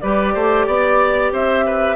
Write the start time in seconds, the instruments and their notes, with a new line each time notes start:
0.00 bassoon G3, clarinet G4, oboe B4, flute D5
0.34 bassoon A3, oboe C5
0.66 bassoon B3, oboe D5
1.32 bassoon C4, oboe C5, flute E5
1.66 oboe B4